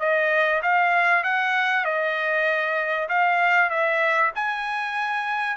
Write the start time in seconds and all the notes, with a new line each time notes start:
0.00 D#5
0.63 F5
1.24 F#5
1.85 D#5
3.09 F5
3.70 E5
4.36 G#5